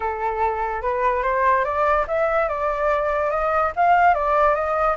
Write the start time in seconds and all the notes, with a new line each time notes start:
0.00 A4
0.82 B4
1.23 C5
1.64 D5
2.07 E5
2.48 D5
3.30 D#5
3.75 F5
4.14 D5
4.54 D#5